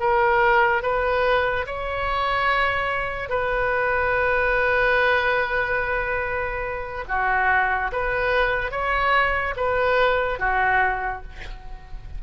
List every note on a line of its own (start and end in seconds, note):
0.00 0.83 A#4
0.83 1.66 B4
1.67 3.29 C#5
3.29 7.04 B4
7.08 7.91 F#4
7.92 8.71 B4
8.71 9.55 C#5
9.56 10.39 B4
10.39 11.23 F#4